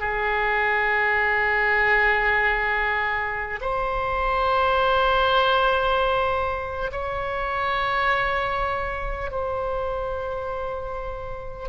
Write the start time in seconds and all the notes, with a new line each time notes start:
0.00 G#4
3.62 C5
6.92 C#5
9.32 C5